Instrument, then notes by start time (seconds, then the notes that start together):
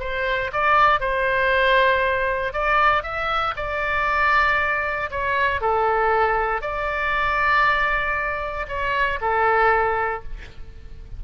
oboe
0.00 C5
0.53 D5
1.00 C5
2.53 D5
3.03 E5
3.57 D5
5.11 C#5
5.61 A4
6.62 D5
8.68 C#5
9.21 A4